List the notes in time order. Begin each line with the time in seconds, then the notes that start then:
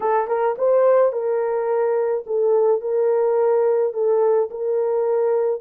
0.00 A4
0.27 A#4
0.58 C5
1.12 A#4
2.26 A4
2.81 A#4
3.93 A4
4.50 A#4